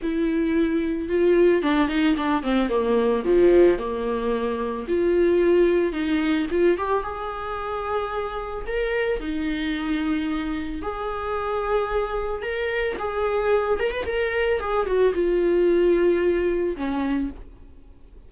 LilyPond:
\new Staff \with { instrumentName = "viola" } { \time 4/4 \tempo 4 = 111 e'2 f'4 d'8 dis'8 | d'8 c'8 ais4 f4 ais4~ | ais4 f'2 dis'4 | f'8 g'8 gis'2. |
ais'4 dis'2. | gis'2. ais'4 | gis'4. ais'16 b'16 ais'4 gis'8 fis'8 | f'2. cis'4 | }